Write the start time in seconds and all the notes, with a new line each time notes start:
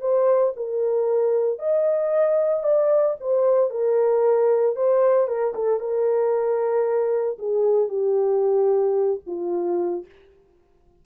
0.00 C5
0.56 A#4
1.58 D#5
2.63 D5
3.20 C5
3.70 A#4
4.75 C5
5.27 A#4
5.54 A4
5.79 A#4
7.38 G#4
7.88 G4
9.26 F4